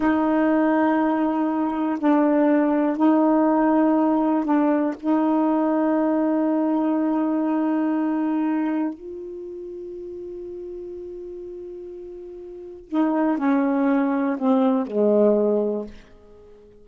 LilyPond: \new Staff \with { instrumentName = "saxophone" } { \time 4/4 \tempo 4 = 121 dis'1 | d'2 dis'2~ | dis'4 d'4 dis'2~ | dis'1~ |
dis'2 f'2~ | f'1~ | f'2 dis'4 cis'4~ | cis'4 c'4 gis2 | }